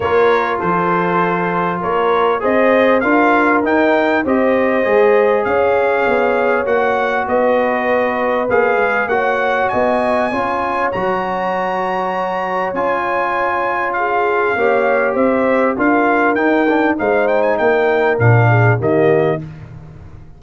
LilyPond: <<
  \new Staff \with { instrumentName = "trumpet" } { \time 4/4 \tempo 4 = 99 cis''4 c''2 cis''4 | dis''4 f''4 g''4 dis''4~ | dis''4 f''2 fis''4 | dis''2 f''4 fis''4 |
gis''2 ais''2~ | ais''4 gis''2 f''4~ | f''4 e''4 f''4 g''4 | f''8 g''16 gis''16 g''4 f''4 dis''4 | }
  \new Staff \with { instrumentName = "horn" } { \time 4/4 ais'4 a'2 ais'4 | c''4 ais'2 c''4~ | c''4 cis''2. | b'2. cis''4 |
dis''4 cis''2.~ | cis''2. gis'4 | cis''4 c''4 ais'2 | c''4 ais'4. gis'8 g'4 | }
  \new Staff \with { instrumentName = "trombone" } { \time 4/4 f'1 | gis'4 f'4 dis'4 g'4 | gis'2. fis'4~ | fis'2 gis'4 fis'4~ |
fis'4 f'4 fis'2~ | fis'4 f'2. | g'2 f'4 dis'8 d'8 | dis'2 d'4 ais4 | }
  \new Staff \with { instrumentName = "tuba" } { \time 4/4 ais4 f2 ais4 | c'4 d'4 dis'4 c'4 | gis4 cis'4 b4 ais4 | b2 ais8 gis8 ais4 |
b4 cis'4 fis2~ | fis4 cis'2. | ais4 c'4 d'4 dis'4 | gis4 ais4 ais,4 dis4 | }
>>